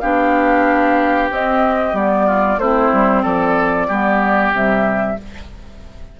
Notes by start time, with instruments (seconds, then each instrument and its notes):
0.00 bassoon B3, clarinet D4, oboe G4, flute F5
1.30 bassoon C4, clarinet C4, flute D#5
1.93 bassoon G3, clarinet B3, flute D5
2.27 oboe F4
2.58 bassoon A3, clarinet C4, oboe E4, flute C5
2.93 bassoon G3
3.23 bassoon F3, oboe A4, flute D5
3.88 bassoon G3, clarinet B3, oboe G4
4.52 bassoon C3, clarinet G3, flute E5